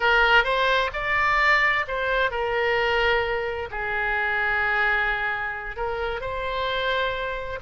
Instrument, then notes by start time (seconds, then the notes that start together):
oboe
0.00 A#4
0.44 C5
0.93 D5
1.87 C5
2.31 A#4
3.70 G#4
5.76 A#4
6.20 C5